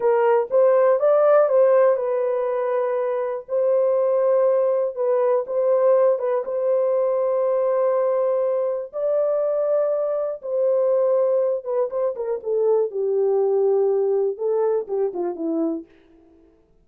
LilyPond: \new Staff \with { instrumentName = "horn" } { \time 4/4 \tempo 4 = 121 ais'4 c''4 d''4 c''4 | b'2. c''4~ | c''2 b'4 c''4~ | c''8 b'8 c''2.~ |
c''2 d''2~ | d''4 c''2~ c''8 b'8 | c''8 ais'8 a'4 g'2~ | g'4 a'4 g'8 f'8 e'4 | }